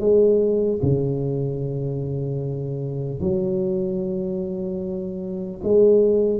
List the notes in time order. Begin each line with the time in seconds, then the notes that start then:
0.00 G#3
0.82 C#3
3.21 F#3
5.63 G#3